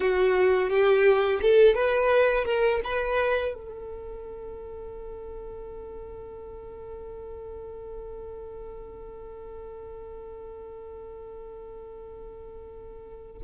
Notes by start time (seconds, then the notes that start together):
0.00 F#4
0.69 G4
1.41 A4
1.75 B4
2.44 A#4
2.84 B4
3.54 A4